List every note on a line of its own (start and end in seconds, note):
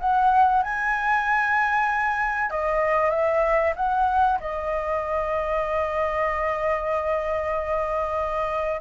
0.00 0.63 F#5
0.63 2.51 G#5
2.51 3.10 D#5
3.10 3.73 E5
3.76 4.39 F#5
4.40 8.81 D#5